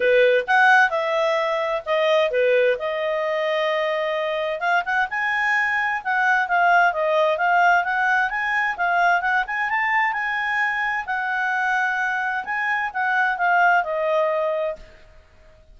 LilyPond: \new Staff \with { instrumentName = "clarinet" } { \time 4/4 \tempo 4 = 130 b'4 fis''4 e''2 | dis''4 b'4 dis''2~ | dis''2 f''8 fis''8 gis''4~ | gis''4 fis''4 f''4 dis''4 |
f''4 fis''4 gis''4 f''4 | fis''8 gis''8 a''4 gis''2 | fis''2. gis''4 | fis''4 f''4 dis''2 | }